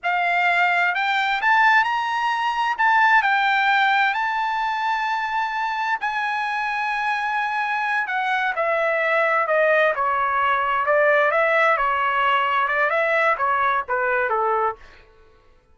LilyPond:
\new Staff \with { instrumentName = "trumpet" } { \time 4/4 \tempo 4 = 130 f''2 g''4 a''4 | ais''2 a''4 g''4~ | g''4 a''2.~ | a''4 gis''2.~ |
gis''4. fis''4 e''4.~ | e''8 dis''4 cis''2 d''8~ | d''8 e''4 cis''2 d''8 | e''4 cis''4 b'4 a'4 | }